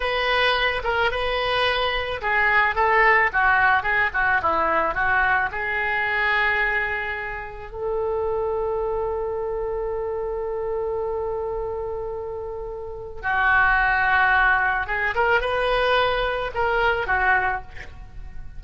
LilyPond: \new Staff \with { instrumentName = "oboe" } { \time 4/4 \tempo 4 = 109 b'4. ais'8 b'2 | gis'4 a'4 fis'4 gis'8 fis'8 | e'4 fis'4 gis'2~ | gis'2 a'2~ |
a'1~ | a'1 | fis'2. gis'8 ais'8 | b'2 ais'4 fis'4 | }